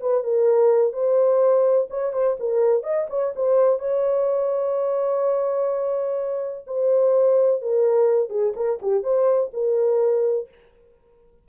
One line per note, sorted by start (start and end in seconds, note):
0.00 0.23 B4
0.23 0.92 A#4
0.92 1.88 C5
1.90 2.13 C#5
2.13 2.36 C5
2.39 2.83 A#4
2.83 3.07 D#5
3.09 3.33 C#5
3.35 3.79 C5
3.79 6.65 C#5
6.66 7.61 C5
7.61 8.29 A#4
8.29 8.53 G#4
8.55 8.79 A#4
8.82 9.03 G4
9.03 9.51 C5
9.53 10.48 A#4